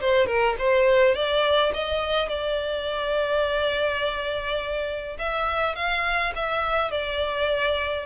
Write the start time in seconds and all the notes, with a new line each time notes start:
0.00 C5
0.27 A#4
0.58 C5
1.15 D5
1.74 D#5
2.29 D5
5.18 E5
5.75 F5
6.35 E5
6.91 D5